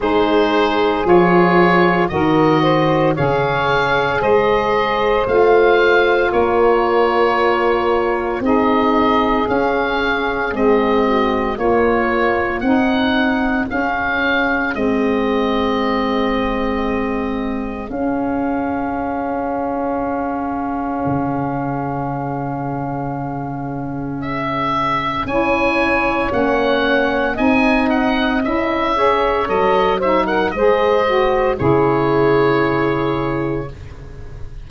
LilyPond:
<<
  \new Staff \with { instrumentName = "oboe" } { \time 4/4 \tempo 4 = 57 c''4 cis''4 dis''4 f''4 | dis''4 f''4 cis''2 | dis''4 f''4 dis''4 cis''4 | fis''4 f''4 dis''2~ |
dis''4 f''2.~ | f''2. e''4 | gis''4 fis''4 gis''8 fis''8 e''4 | dis''8 e''16 fis''16 dis''4 cis''2 | }
  \new Staff \with { instrumentName = "saxophone" } { \time 4/4 gis'2 ais'8 c''8 cis''4 | c''2 ais'2 | gis'2~ gis'8 fis'8 f'4 | dis'4 gis'2.~ |
gis'1~ | gis'1 | cis''2 dis''4. cis''8~ | cis''8 c''16 ais'16 c''4 gis'2 | }
  \new Staff \with { instrumentName = "saxophone" } { \time 4/4 dis'4 f'4 fis'4 gis'4~ | gis'4 f'2. | dis'4 cis'4 c'4 ais4 | dis'4 cis'4 c'2~ |
c'4 cis'2.~ | cis'1 | e'4 cis'4 dis'4 e'8 gis'8 | a'8 dis'8 gis'8 fis'8 e'2 | }
  \new Staff \with { instrumentName = "tuba" } { \time 4/4 gis4 f4 dis4 cis4 | gis4 a4 ais2 | c'4 cis'4 gis4 ais4 | c'4 cis'4 gis2~ |
gis4 cis'2. | cis1 | cis'4 ais4 c'4 cis'4 | fis4 gis4 cis2 | }
>>